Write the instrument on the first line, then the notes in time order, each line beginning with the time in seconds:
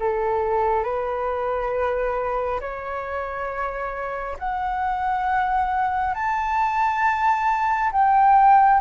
flute
0.00 A4
0.84 B4
2.61 C#5
4.39 F#5
6.15 A5
7.93 G5